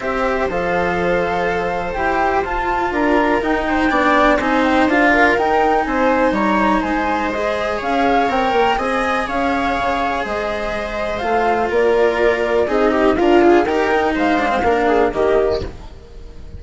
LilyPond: <<
  \new Staff \with { instrumentName = "flute" } { \time 4/4 \tempo 4 = 123 e''4 f''2. | g''4 a''4 ais''4 g''4~ | g''4 gis''8 g''8 f''4 g''4 | gis''4 ais''4 gis''4 dis''4 |
f''4 g''4 gis''4 f''4~ | f''4 dis''2 f''4 | d''2 dis''4 f''4 | g''4 f''2 dis''4 | }
  \new Staff \with { instrumentName = "viola" } { \time 4/4 c''1~ | c''2 ais'4. c''8 | d''4 c''4. ais'4. | c''4 cis''4 c''2 |
cis''2 dis''4 cis''4~ | cis''4 c''2. | ais'2 gis'8 g'8 f'4 | ais'4 c''4 ais'8 gis'8 g'4 | }
  \new Staff \with { instrumentName = "cello" } { \time 4/4 g'4 a'2. | g'4 f'2 dis'4 | d'4 dis'4 f'4 dis'4~ | dis'2. gis'4~ |
gis'4 ais'4 gis'2~ | gis'2. f'4~ | f'2 dis'4 ais'8 gis'8 | g'8 dis'4 d'16 c'16 d'4 ais4 | }
  \new Staff \with { instrumentName = "bassoon" } { \time 4/4 c'4 f2. | e'4 f'4 d'4 dis'4 | b4 c'4 d'4 dis'4 | c'4 g4 gis2 |
cis'4 c'8 ais8 c'4 cis'4 | cis4 gis2 a4 | ais2 c'4 d'4 | dis'4 gis4 ais4 dis4 | }
>>